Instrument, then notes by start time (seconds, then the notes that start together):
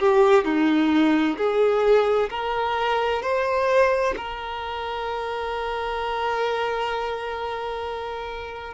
violin
0.00 G4
0.45 D#4
1.38 G#4
2.30 A#4
3.23 C5
4.17 A#4